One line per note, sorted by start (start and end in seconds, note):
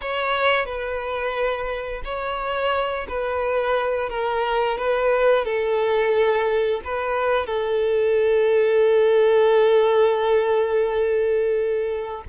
0.01 0.65 C#5
0.65 2.01 B4
2.04 3.07 C#5
3.08 4.09 B4
4.09 4.78 A#4
4.78 5.45 B4
5.45 6.81 A4
6.84 7.46 B4
7.46 12.23 A4